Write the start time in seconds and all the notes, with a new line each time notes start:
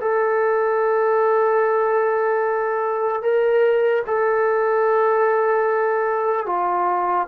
0.00 A4
3.21 A#4
4.07 A4
6.46 F4